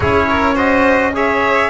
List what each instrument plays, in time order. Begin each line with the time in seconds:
0.00 double bass C#4, trombone E4, violin G#4, trumpet C#5
0.30 violin A#4
0.54 trombone F#4, violin C5, trumpet D#5
1.13 trombone G#4, violin C#5, trumpet E5